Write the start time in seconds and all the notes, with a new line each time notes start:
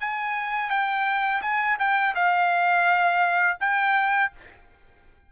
0.00 G#5
0.70 G5
1.42 G#5
1.79 G5
2.15 F5
3.60 G5